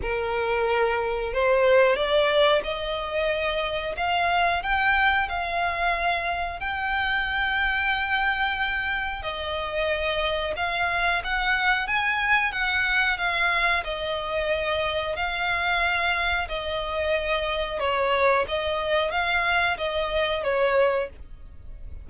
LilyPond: \new Staff \with { instrumentName = "violin" } { \time 4/4 \tempo 4 = 91 ais'2 c''4 d''4 | dis''2 f''4 g''4 | f''2 g''2~ | g''2 dis''2 |
f''4 fis''4 gis''4 fis''4 | f''4 dis''2 f''4~ | f''4 dis''2 cis''4 | dis''4 f''4 dis''4 cis''4 | }